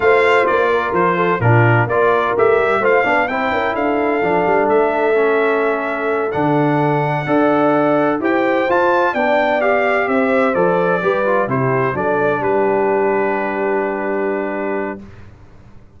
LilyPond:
<<
  \new Staff \with { instrumentName = "trumpet" } { \time 4/4 \tempo 4 = 128 f''4 d''4 c''4 ais'4 | d''4 e''4 f''4 g''4 | f''2 e''2~ | e''4. fis''2~ fis''8~ |
fis''4. g''4 a''4 g''8~ | g''8 f''4 e''4 d''4.~ | d''8 c''4 d''4 b'4.~ | b'1 | }
  \new Staff \with { instrumentName = "horn" } { \time 4/4 c''4. ais'4 a'8 f'4 | ais'2 c''8 d''8 c''8 ais'8 | a'1~ | a'2.~ a'8 d''8~ |
d''4. c''2 d''8~ | d''4. c''2 b'8~ | b'8 g'4 a'4 g'4.~ | g'1 | }
  \new Staff \with { instrumentName = "trombone" } { \time 4/4 f'2. d'4 | f'4 g'4 f'8 d'8 e'4~ | e'4 d'2 cis'4~ | cis'4. d'2 a'8~ |
a'4. g'4 f'4 d'8~ | d'8 g'2 a'4 g'8 | f'8 e'4 d'2~ d'8~ | d'1 | }
  \new Staff \with { instrumentName = "tuba" } { \time 4/4 a4 ais4 f4 ais,4 | ais4 a8 g8 a8 b8 c'8 cis'8 | d'4 f8 g8 a2~ | a4. d2 d'8~ |
d'4. e'4 f'4 b8~ | b4. c'4 f4 g8~ | g8 c4 fis4 g4.~ | g1 | }
>>